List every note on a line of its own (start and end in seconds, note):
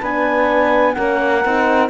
0.00 0.96 B3
0.00 0.95 D4
0.00 0.94 B4
0.00 0.94 G#5
0.94 1.45 A#3
0.94 1.42 C#4
0.94 1.90 A#4
0.94 1.88 F#5
1.45 1.90 C4
1.45 1.90 D#4